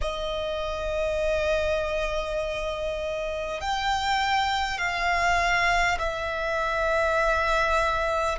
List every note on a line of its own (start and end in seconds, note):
0.01 3.61 D#5
3.61 4.77 G5
4.77 5.97 F5
5.98 8.38 E5